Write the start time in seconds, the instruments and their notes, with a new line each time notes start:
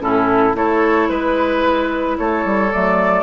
0.00 bassoon A2, clarinet C#4, oboe E4, flute A4
0.54 bassoon A3, clarinet E4, oboe A4, flute C#5
1.09 bassoon G#3, oboe B4, flute B4
2.18 bassoon A3, oboe A4, flute C#5
2.45 bassoon G3
2.72 bassoon F#3, clarinet A3, flute D5